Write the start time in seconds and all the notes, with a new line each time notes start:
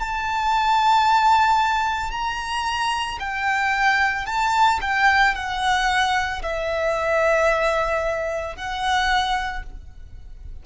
0.00 A5
2.11 A#5
3.20 G5
4.27 A5
4.81 G5
5.35 F#5
6.42 E5
8.56 F#5